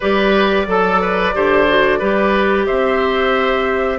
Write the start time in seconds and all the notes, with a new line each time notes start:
0.00 G3 G4 B4 D5
0.66 F#3 A4
1.01 B4
1.33 D3 G4 C5
1.68 F#4
1.98 G3 G4 B4
2.65 C4 C5 E5